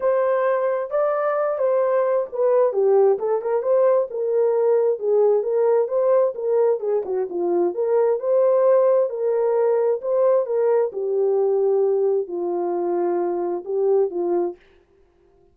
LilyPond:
\new Staff \with { instrumentName = "horn" } { \time 4/4 \tempo 4 = 132 c''2 d''4. c''8~ | c''4 b'4 g'4 a'8 ais'8 | c''4 ais'2 gis'4 | ais'4 c''4 ais'4 gis'8 fis'8 |
f'4 ais'4 c''2 | ais'2 c''4 ais'4 | g'2. f'4~ | f'2 g'4 f'4 | }